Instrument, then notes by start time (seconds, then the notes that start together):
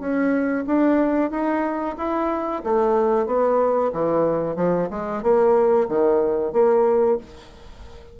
bassoon
0.00 C#4
0.67 D4
1.31 D#4
1.98 E4
2.64 A3
3.27 B3
3.93 E3
4.57 F3
4.91 G#3
5.23 A#3
5.88 D#3
6.53 A#3